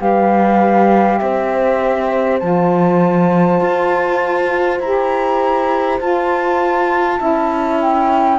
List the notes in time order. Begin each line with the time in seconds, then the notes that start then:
0.00 G3 G4 B4 F5
1.19 C4 C5 E5
2.39 F3 F4 A5
3.61 F4
4.80 E4 G4 A#5
6.00 F4 A5
7.18 C#4 E4 E5
7.81 G5